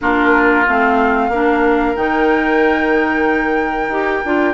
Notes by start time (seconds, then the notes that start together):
0.01 A#3 D4 F4 A#4
0.66 A3 C4 F5
1.29 A#3 D4 A#4
1.96 D#3 D#4 G5
3.87 D#4 G4
4.25 D4 F4